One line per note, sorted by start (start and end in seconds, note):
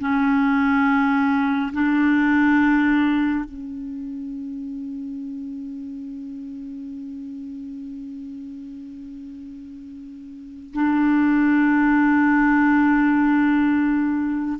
0.00 1.71 C#4
1.73 3.44 D4
3.44 10.73 C#4
10.73 14.59 D4